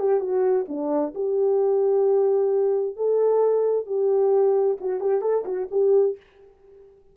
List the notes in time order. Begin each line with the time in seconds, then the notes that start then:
0.00 G4
0.21 F#4
0.69 D4
1.15 G4
2.97 A4
3.87 G4
4.81 F#4
5.01 G4
5.22 A4
5.46 F#4
5.71 G4